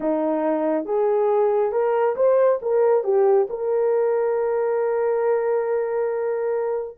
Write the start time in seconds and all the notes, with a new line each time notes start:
0.00 D#4
0.85 G#4
1.72 A#4
2.16 C5
2.62 A#4
3.04 G4
3.49 A#4